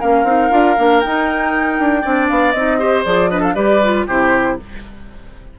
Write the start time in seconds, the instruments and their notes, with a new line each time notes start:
0.00 bassoon A#3, clarinet C#4, oboe A#4, flute F5
0.24 bassoon C4, clarinet D#4
0.51 bassoon D4, clarinet F4
0.77 bassoon A#3, clarinet D4
1.00 clarinet D#4, bassoon D#4, flute G5
1.79 bassoon D4
2.01 bassoon C4, clarinet D4, oboe D5
2.28 bassoon B3, flute F5
2.52 bassoon C4, clarinet D#4, flute D#5
2.79 clarinet G4, oboe C5
3.05 bassoon F3, clarinet G#4, flute D5
3.30 clarinet D4, oboe B4, flute D#5
3.40 oboe A4, flute F5
3.54 bassoon G3, clarinet G4, oboe B4, flute D5
3.83 clarinet F4
4.07 bassoon C3, clarinet E4, oboe G4, flute C5